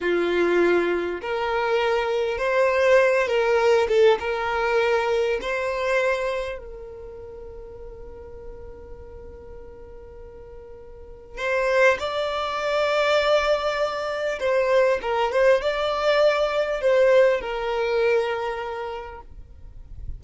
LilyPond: \new Staff \with { instrumentName = "violin" } { \time 4/4 \tempo 4 = 100 f'2 ais'2 | c''4. ais'4 a'8 ais'4~ | ais'4 c''2 ais'4~ | ais'1~ |
ais'2. c''4 | d''1 | c''4 ais'8 c''8 d''2 | c''4 ais'2. | }